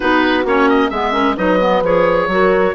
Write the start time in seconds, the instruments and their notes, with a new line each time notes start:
0.00 bassoon B3, clarinet D#4, horn F#4, oboe B4
0.45 bassoon A#3, clarinet C#4, oboe C#5
0.69 oboe D#5
0.90 bassoon G#3, clarinet B3, horn G#4, oboe E5
1.12 clarinet C#4, horn A#4
1.36 bassoon F#3, clarinet D#4, horn B4, oboe D#5
1.59 clarinet B3
1.82 bassoon F3, clarinet G#4, oboe C#5
2.27 bassoon F#3, clarinet F#4, horn A#4